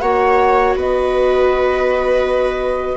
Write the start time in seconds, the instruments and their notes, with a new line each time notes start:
0.00 bassoon A#3, viola F#4 C#5, flute F#5
0.75 bassoon B3, viola B4, flute D#5